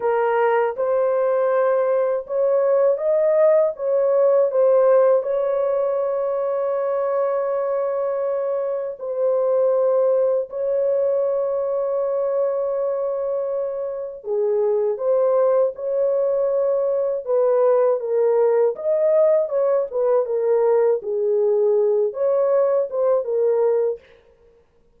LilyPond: \new Staff \with { instrumentName = "horn" } { \time 4/4 \tempo 4 = 80 ais'4 c''2 cis''4 | dis''4 cis''4 c''4 cis''4~ | cis''1 | c''2 cis''2~ |
cis''2. gis'4 | c''4 cis''2 b'4 | ais'4 dis''4 cis''8 b'8 ais'4 | gis'4. cis''4 c''8 ais'4 | }